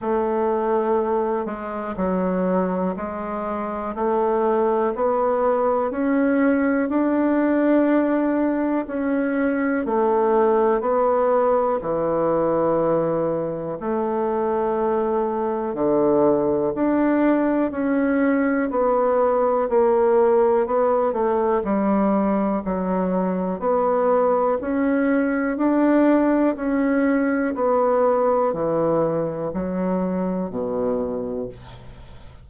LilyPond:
\new Staff \with { instrumentName = "bassoon" } { \time 4/4 \tempo 4 = 61 a4. gis8 fis4 gis4 | a4 b4 cis'4 d'4~ | d'4 cis'4 a4 b4 | e2 a2 |
d4 d'4 cis'4 b4 | ais4 b8 a8 g4 fis4 | b4 cis'4 d'4 cis'4 | b4 e4 fis4 b,4 | }